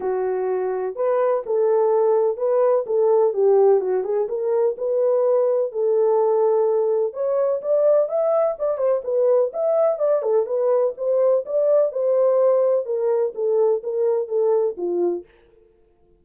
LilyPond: \new Staff \with { instrumentName = "horn" } { \time 4/4 \tempo 4 = 126 fis'2 b'4 a'4~ | a'4 b'4 a'4 g'4 | fis'8 gis'8 ais'4 b'2 | a'2. cis''4 |
d''4 e''4 d''8 c''8 b'4 | e''4 d''8 a'8 b'4 c''4 | d''4 c''2 ais'4 | a'4 ais'4 a'4 f'4 | }